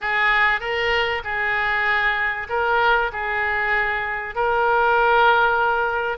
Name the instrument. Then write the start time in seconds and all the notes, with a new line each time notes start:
oboe
0.01 G#4
0.60 A#4
1.24 G#4
2.49 A#4
3.12 G#4
4.35 A#4